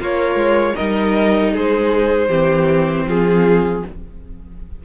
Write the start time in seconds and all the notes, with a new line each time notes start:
0.00 A#3 F4 A#4 C#5
0.35 G#3
0.75 G3 D#4 A#4 D#5
1.52 G#3 G#4 C5
2.28 E3 C4 G4
3.06 F3 F4 G#4